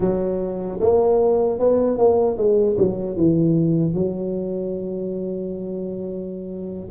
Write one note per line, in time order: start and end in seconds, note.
0.00 0.79 F#3
0.80 1.59 A#3
1.59 1.98 B3
1.98 2.37 A#3
2.37 2.76 G#3
2.78 3.16 F#3
3.16 3.94 E3
3.94 6.90 F#3